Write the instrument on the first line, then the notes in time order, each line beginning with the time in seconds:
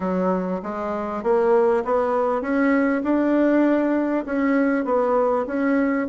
bassoon
0.00 F#3
0.63 G#3
1.23 A#3
1.85 B3
2.41 C#4
3.03 D4
4.25 C#4
4.85 B3
5.47 C#4